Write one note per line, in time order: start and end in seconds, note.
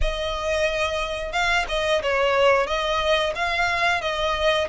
0.01 1.32 D#5
1.32 1.65 F5
1.68 2.02 D#5
2.02 2.66 C#5
2.66 3.33 D#5
3.35 4.01 F5
4.01 4.68 D#5